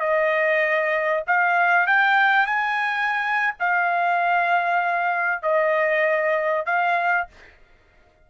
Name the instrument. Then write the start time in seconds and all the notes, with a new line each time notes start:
trumpet
0.00 D#5
1.27 F5
1.86 G5
2.46 G#5
3.60 F5
5.42 D#5
6.66 F5